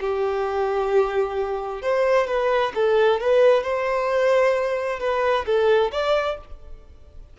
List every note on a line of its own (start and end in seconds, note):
0.00 1.81 G4
1.81 2.27 C5
2.27 2.72 B4
2.74 3.20 A4
3.20 3.63 B4
3.63 4.99 C5
5.00 5.45 B4
5.45 5.91 A4
5.91 6.37 D5